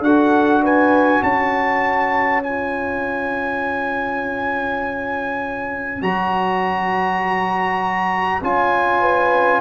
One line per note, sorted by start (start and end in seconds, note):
0.00 1.20 D4
0.00 2.43 F#4
0.00 0.63 A4
0.00 0.64 F#5
0.63 1.23 B4
0.63 1.23 G#5
1.23 6.02 C#4
1.23 9.00 C#5
1.23 2.43 A5
2.43 6.02 F4
2.43 6.03 G#5
6.02 8.42 F#3
6.02 8.42 F#4
6.02 8.43 A#5
8.42 9.61 C#4
8.42 9.61 F4
8.42 9.61 G#5
9.00 9.60 B4